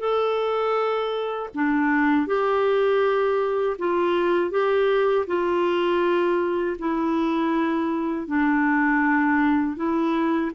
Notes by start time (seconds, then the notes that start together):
0.00 A4
1.55 D4
2.27 G4
3.79 F4
4.51 G4
5.27 F4
6.79 E4
8.28 D4
9.77 E4